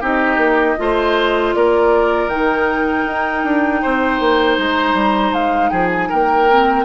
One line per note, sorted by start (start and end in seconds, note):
0.00 0.37 C4
0.00 0.76 D#4
0.00 0.76 G4
0.00 1.54 D#5
0.37 0.75 A#3
0.77 1.55 A3
0.77 2.29 F4
0.77 1.56 C5
1.54 2.28 A#3
1.54 3.82 A#4
1.54 2.29 D5
2.28 3.04 D#3
2.28 6.48 D#4
2.28 4.57 G5
3.06 3.44 D#4
3.44 3.82 D4
3.82 4.20 C4
3.82 5.70 C5
4.20 4.58 A#3
4.58 4.94 G#3
4.58 5.34 A#5
4.94 5.31 G3
5.33 5.71 G#3
5.33 5.69 F5
5.69 6.09 F3
5.69 6.08 G#4
5.69 5.88 G5
5.92 6.11 G#5
6.09 6.85 A#3
6.09 6.85 A#4
6.09 6.85 G5
6.49 6.85 C4